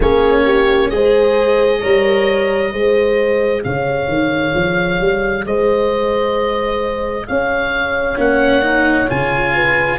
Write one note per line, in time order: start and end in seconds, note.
0.00 0.90 A#3
0.00 0.92 C#4
0.00 0.43 G#4
0.00 0.90 C#5
0.44 0.90 G4
0.90 1.81 G#3
0.90 1.81 G#4
0.90 1.80 C5
0.90 3.62 D#5
1.80 2.72 G3
1.80 2.71 A#4
1.80 2.71 C#5
2.71 3.63 G#3
2.71 8.17 G#4
2.71 3.63 C5
3.63 4.08 C#3
3.63 5.46 C#5
3.63 5.45 F5
4.08 4.53 D#3
4.54 4.99 F3
5.00 5.45 G3
5.45 7.27 G#3
5.45 7.27 C5
5.45 7.27 D#5
7.27 8.17 C#4
7.27 9.55 C#5
7.27 8.18 F5
8.17 9.08 A#3
8.17 8.62 C#4
8.17 9.09 F#5
8.62 9.07 D#4
9.08 9.99 C#3
9.08 9.99 F4
9.08 9.99 G#5
9.55 9.99 B4